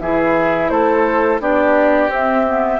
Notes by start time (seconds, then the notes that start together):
0.00 E3 E4 G#4 E5
0.69 A3 A4 C5
1.40 B3 D4 G4 D5
2.08 C4 E5
2.46 B3